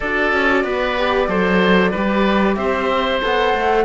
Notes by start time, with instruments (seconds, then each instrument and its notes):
0.00 cello D4, viola F#4, oboe A4, flute D5
0.32 cello C#4
0.64 cello B3, oboe B4
0.97 viola G4
1.28 cello F#3, viola A4, oboe C5
1.91 cello G3, viola G4, oboe B4
2.55 cello C4, oboe C5, flute E5
3.21 cello B3, viola A4, flute F#5
3.53 cello A3